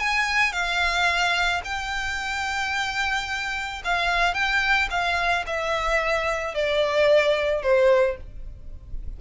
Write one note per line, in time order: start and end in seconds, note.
0.00 0.53 G#5
0.53 1.62 F5
1.65 3.83 G5
3.85 4.34 F5
4.34 4.89 G5
4.91 5.45 F5
5.47 6.55 E5
6.55 7.63 D5
7.63 8.17 C5